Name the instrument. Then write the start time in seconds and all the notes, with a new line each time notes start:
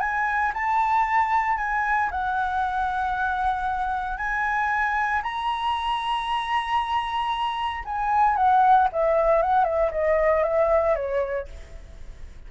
flute
0.00 G#5
0.54 A5
1.57 G#5
2.11 F#5
4.17 G#5
5.23 A#5
7.85 G#5
8.36 F#5
8.92 E5
9.42 F#5
9.65 E5
9.92 D#5
10.43 E5
10.96 C#5